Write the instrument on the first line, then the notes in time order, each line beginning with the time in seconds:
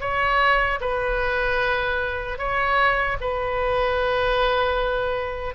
oboe
0.00 C#5
0.80 B4
2.38 C#5
3.20 B4